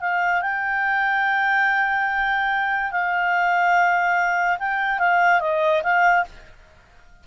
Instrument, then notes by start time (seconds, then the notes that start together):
clarinet
0.00 F5
0.41 G5
2.91 F5
4.59 G5
4.99 F5
5.40 D#5
5.83 F5